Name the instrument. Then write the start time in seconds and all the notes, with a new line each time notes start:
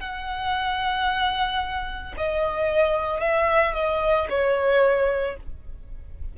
violin
0.00 F#5
2.17 D#5
3.20 E5
3.74 D#5
4.30 C#5